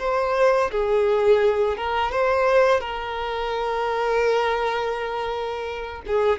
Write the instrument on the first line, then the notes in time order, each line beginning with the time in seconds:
violin
0.00 C5
0.72 G#4
1.78 A#4
2.12 C5
2.81 A#4
6.07 G#4